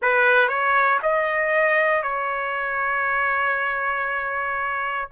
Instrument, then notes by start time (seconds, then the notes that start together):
trumpet
0.01 B4
0.48 C#5
1.02 D#5
2.02 C#5